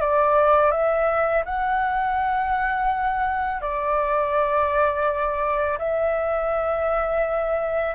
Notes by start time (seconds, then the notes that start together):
0.00 D5
0.71 E5
1.45 F#5
3.61 D5
5.78 E5